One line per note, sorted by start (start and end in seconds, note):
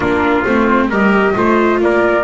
0.00 0.43 A#3
0.00 0.45 D4
0.00 0.88 F4
0.00 0.44 A#4
0.45 0.89 A3
0.45 0.91 C4
0.45 0.90 C5
0.89 1.34 G3
0.89 1.34 G4
0.89 1.34 A#4
0.89 1.81 D#5
1.34 1.80 A3
1.34 2.23 F4
1.34 1.81 C5
1.80 2.23 A#3
1.80 2.23 A#4
1.80 2.23 D5